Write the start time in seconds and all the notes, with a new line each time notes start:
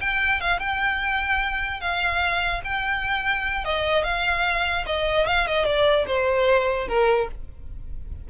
0.00 G5
0.40 F5
0.59 G5
1.80 F5
2.64 G5
3.64 D#5
4.04 F5
4.86 D#5
5.26 F5
5.47 D#5
5.65 D5
6.07 C5
6.87 A#4